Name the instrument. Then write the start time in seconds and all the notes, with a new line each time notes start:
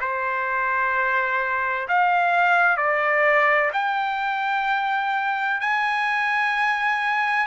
trumpet
0.00 C5
1.88 F5
2.77 D5
3.73 G5
5.60 G#5